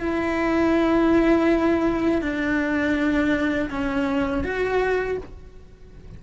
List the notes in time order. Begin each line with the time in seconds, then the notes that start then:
0.00 E4
2.21 D4
3.70 C#4
4.43 F#4